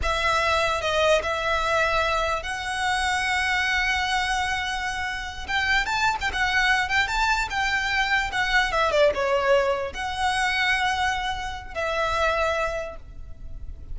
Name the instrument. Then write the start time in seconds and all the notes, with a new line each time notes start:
violin
0.02 E5
0.81 D#5
1.22 E5
2.42 F#5
5.47 G5
5.85 A5
6.20 G5
6.32 F#5
6.88 G5
7.07 A5
7.49 G5
8.32 F#5
8.72 E5
8.91 D5
9.14 C#5
9.93 F#5
11.74 E5